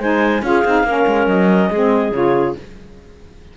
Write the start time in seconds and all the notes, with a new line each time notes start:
0.00 G#3 D#4 C5 G#5
0.43 C#4 F4 G#4 F5
0.65 C4 D#4
0.84 A#3 C#4 A#4
1.07 G#3
1.27 F#3 D#5
1.71 G#3 C4 G#4
2.12 C#3 F4 C#5